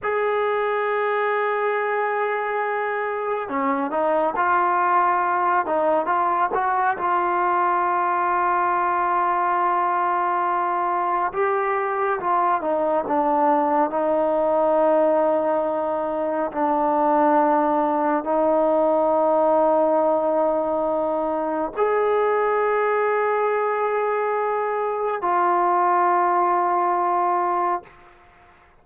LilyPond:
\new Staff \with { instrumentName = "trombone" } { \time 4/4 \tempo 4 = 69 gis'1 | cis'8 dis'8 f'4. dis'8 f'8 fis'8 | f'1~ | f'4 g'4 f'8 dis'8 d'4 |
dis'2. d'4~ | d'4 dis'2.~ | dis'4 gis'2.~ | gis'4 f'2. | }